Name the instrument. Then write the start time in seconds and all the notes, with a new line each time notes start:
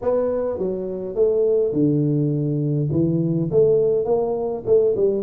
tuba
0.01 B3
0.58 F#3
1.15 A3
1.72 D3
2.91 E3
3.51 A3
4.05 A#3
4.66 A3
4.96 G3